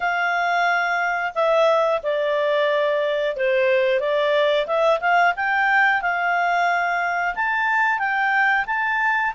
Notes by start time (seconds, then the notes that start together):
0.00 F5
1.34 E5
2.02 D5
3.36 C5
3.99 D5
4.66 E5
5.00 F5
5.35 G5
6.01 F5
7.35 A5
7.98 G5
8.66 A5